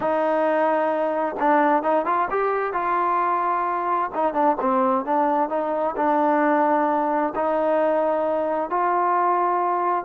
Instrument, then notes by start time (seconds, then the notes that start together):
trombone
0.00 D#4
1.39 D4
1.82 D#4
2.05 F4
2.30 G4
2.73 F4
4.14 D#4
4.33 D4
4.60 C4
5.05 D4
5.49 D#4
5.96 D4
7.35 D#4
8.70 F4